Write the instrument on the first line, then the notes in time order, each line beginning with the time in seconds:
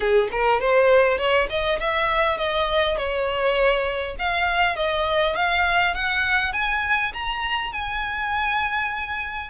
violin
0.00 G#4
0.31 A#4
0.60 C5
1.17 C#5
1.49 D#5
1.80 E5
2.37 D#5
2.97 C#5
4.19 F5
4.76 D#5
5.35 F5
5.94 F#5
6.53 G#5
7.13 A#5
7.72 G#5